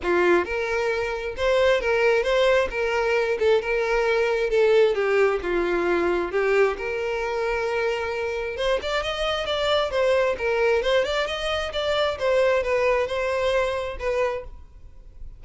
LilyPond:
\new Staff \with { instrumentName = "violin" } { \time 4/4 \tempo 4 = 133 f'4 ais'2 c''4 | ais'4 c''4 ais'4. a'8 | ais'2 a'4 g'4 | f'2 g'4 ais'4~ |
ais'2. c''8 d''8 | dis''4 d''4 c''4 ais'4 | c''8 d''8 dis''4 d''4 c''4 | b'4 c''2 b'4 | }